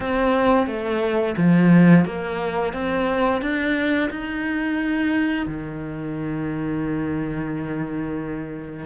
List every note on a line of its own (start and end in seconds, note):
0.00 0.66 C4
0.67 1.35 A3
1.37 2.05 F3
2.05 2.73 A#3
2.73 3.41 C4
3.41 4.09 D4
4.10 5.46 D#4
5.47 8.85 D#3